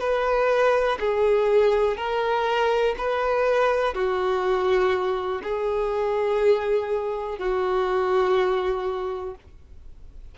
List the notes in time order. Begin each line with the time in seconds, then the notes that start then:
0.00 B4
1.00 G#4
1.98 A#4
2.98 B4
3.94 F#4
5.44 G#4
7.39 F#4